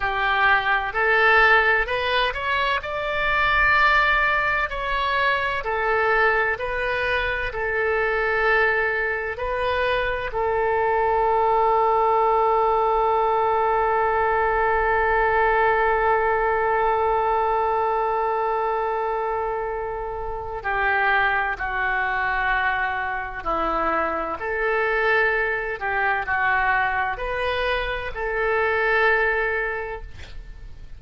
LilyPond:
\new Staff \with { instrumentName = "oboe" } { \time 4/4 \tempo 4 = 64 g'4 a'4 b'8 cis''8 d''4~ | d''4 cis''4 a'4 b'4 | a'2 b'4 a'4~ | a'1~ |
a'1~ | a'2 g'4 fis'4~ | fis'4 e'4 a'4. g'8 | fis'4 b'4 a'2 | }